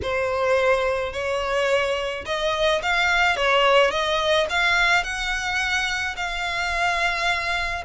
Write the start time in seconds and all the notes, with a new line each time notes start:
0.02 C5
1.12 C#5
2.25 D#5
2.82 F5
3.36 C#5
3.90 D#5
4.49 F5
5.03 F#5
6.16 F5